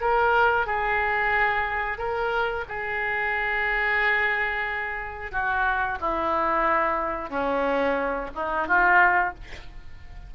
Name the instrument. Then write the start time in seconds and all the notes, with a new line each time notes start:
oboe
0.00 A#4
0.66 G#4
1.98 A#4
2.68 G#4
5.31 F#4
6.00 E4
7.29 C#4
8.34 D#4
8.67 F4